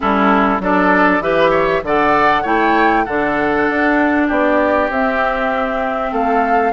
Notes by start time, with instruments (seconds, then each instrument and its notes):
0.00 bassoon G3, clarinet C#4, oboe E4, flute A4
0.59 bassoon F#3, clarinet D4, oboe A4, flute D5
1.20 bassoon E3, clarinet G4, oboe B4, flute E5
1.50 oboe C#5
1.83 bassoon D3, clarinet A4, oboe D5, flute F#5
2.42 bassoon A3, clarinet E4, oboe C#5, flute G5
3.04 bassoon D3, clarinet D4, oboe A4, flute F#5
3.69 bassoon D4
4.27 bassoon B3, oboe G4, flute D5
4.89 bassoon C4, clarinet C4, flute E5
6.11 bassoon A3, oboe A4, flute F5